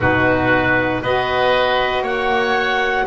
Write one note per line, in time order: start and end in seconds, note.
0.00 1.02 B2
0.00 1.02 D#4
0.00 1.01 F#4
0.00 1.02 B4
1.01 2.01 B3
1.01 3.06 F#4
1.01 2.03 B4
1.01 2.04 D#5
2.01 3.03 A#3
2.01 3.05 C#5
2.01 3.06 F#5